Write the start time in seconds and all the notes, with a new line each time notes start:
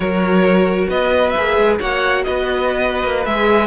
0.00 F#3 F#4 A#4 C#5
0.88 B3 B4 D#5
1.30 E5
1.36 A#3 G#4
1.57 G#3
1.79 A#3 F#4 C#5 F#5
2.24 B3 B4 D#5
3.03 A#3
3.25 G#3 G#4 E5